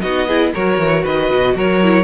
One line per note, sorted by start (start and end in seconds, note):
0.00 0.53 B3
0.00 0.28 D#4
0.00 0.27 F#4
0.00 0.51 D#5
0.27 0.54 E4
0.27 0.52 G#4
0.53 0.78 F#3
0.53 1.82 F#4
0.53 1.03 A#4
0.53 1.05 C#5
0.78 1.04 E3
1.03 1.30 D#3
1.03 1.54 B4
1.03 1.56 D#5
1.30 1.54 B2
1.54 2.03 F#3
1.54 2.03 A#4
1.54 2.03 C#5
1.82 2.03 E4